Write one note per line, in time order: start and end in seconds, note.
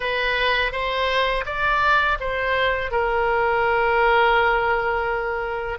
0.00 0.72 B4
0.72 1.44 C5
1.45 2.18 D5
2.20 2.91 C5
2.91 5.78 A#4